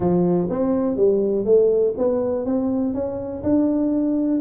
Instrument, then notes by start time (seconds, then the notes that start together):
tuba
0.00 F3
0.49 C4
0.96 G3
1.45 A3
1.97 B3
2.45 C4
2.94 C#4
3.43 D4